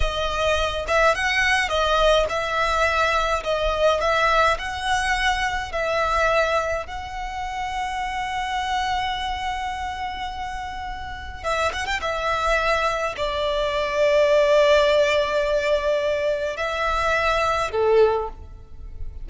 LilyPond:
\new Staff \with { instrumentName = "violin" } { \time 4/4 \tempo 4 = 105 dis''4. e''8 fis''4 dis''4 | e''2 dis''4 e''4 | fis''2 e''2 | fis''1~ |
fis''1 | e''8 fis''16 g''16 e''2 d''4~ | d''1~ | d''4 e''2 a'4 | }